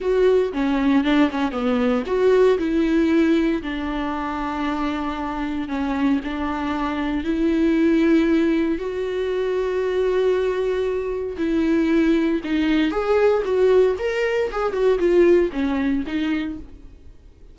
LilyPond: \new Staff \with { instrumentName = "viola" } { \time 4/4 \tempo 4 = 116 fis'4 cis'4 d'8 cis'8 b4 | fis'4 e'2 d'4~ | d'2. cis'4 | d'2 e'2~ |
e'4 fis'2.~ | fis'2 e'2 | dis'4 gis'4 fis'4 ais'4 | gis'8 fis'8 f'4 cis'4 dis'4 | }